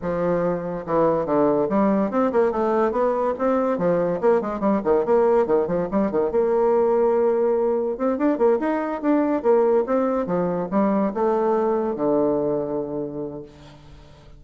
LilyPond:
\new Staff \with { instrumentName = "bassoon" } { \time 4/4 \tempo 4 = 143 f2 e4 d4 | g4 c'8 ais8 a4 b4 | c'4 f4 ais8 gis8 g8 dis8 | ais4 dis8 f8 g8 dis8 ais4~ |
ais2. c'8 d'8 | ais8 dis'4 d'4 ais4 c'8~ | c'8 f4 g4 a4.~ | a8 d2.~ d8 | }